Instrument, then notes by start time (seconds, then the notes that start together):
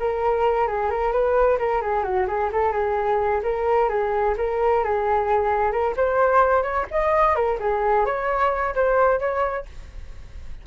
flute
0.00 A#4
0.68 G#4
0.90 A#4
1.13 B4
1.59 A#4
1.82 G#4
2.04 F#4
2.28 G#4
2.53 A4
2.73 G#4
3.43 A#4
3.89 G#4
4.38 A#4
4.84 G#4
5.72 A#4
5.97 C5
6.63 C#5
6.91 D#5
7.36 A#4
7.60 G#4
8.06 C#5
8.75 C5
9.20 C#5